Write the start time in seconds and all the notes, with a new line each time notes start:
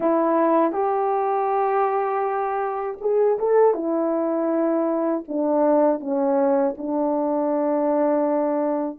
0.00 E4
0.72 G4
3.00 G#4
3.38 A4
3.74 E4
5.28 D4
6.00 C#4
6.77 D4